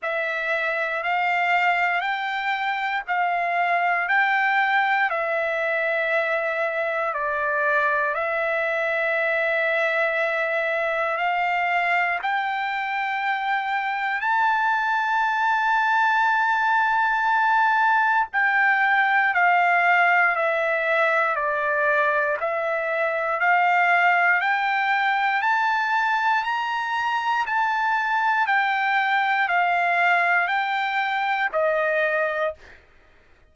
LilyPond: \new Staff \with { instrumentName = "trumpet" } { \time 4/4 \tempo 4 = 59 e''4 f''4 g''4 f''4 | g''4 e''2 d''4 | e''2. f''4 | g''2 a''2~ |
a''2 g''4 f''4 | e''4 d''4 e''4 f''4 | g''4 a''4 ais''4 a''4 | g''4 f''4 g''4 dis''4 | }